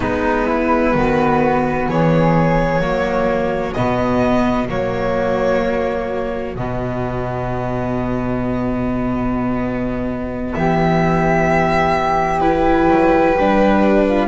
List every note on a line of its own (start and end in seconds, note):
0.00 0.94 G#3
0.00 2.80 B3
0.00 0.46 D#4
0.00 1.88 B4
0.46 0.93 E4
0.94 1.87 D#3
0.94 1.89 F#4
1.88 2.79 E3
1.88 2.81 G#4
1.88 3.73 C#5
2.79 3.72 F#3
2.79 3.74 A#3
2.79 10.55 F#4
3.73 4.69 B2
3.73 4.69 B3
3.73 4.67 D#5
4.69 6.56 F#3
4.69 6.56 A#3
4.69 6.55 C#5
6.55 10.54 B2
6.55 12.41 B3
6.55 10.53 D#5
10.53 12.89 E3
10.53 14.08 G4
10.53 12.40 E5
12.40 13.35 E4
12.40 14.27 B4
12.89 13.36 F#3
13.38 14.27 G3
13.38 14.27 D4
14.08 14.27 F4